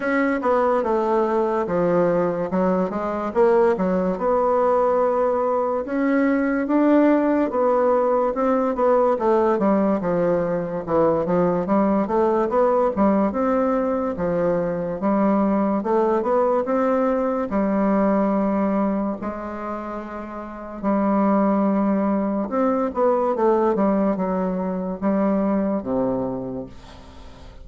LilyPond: \new Staff \with { instrumentName = "bassoon" } { \time 4/4 \tempo 4 = 72 cis'8 b8 a4 f4 fis8 gis8 | ais8 fis8 b2 cis'4 | d'4 b4 c'8 b8 a8 g8 | f4 e8 f8 g8 a8 b8 g8 |
c'4 f4 g4 a8 b8 | c'4 g2 gis4~ | gis4 g2 c'8 b8 | a8 g8 fis4 g4 c4 | }